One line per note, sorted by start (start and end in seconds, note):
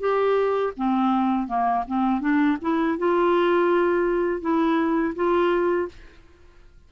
0.00 0.73 G4
0.77 1.48 C4
1.48 1.84 A#3
1.88 2.21 C4
2.21 2.57 D4
2.62 2.98 E4
2.98 4.41 F4
4.41 5.14 E4
5.16 5.89 F4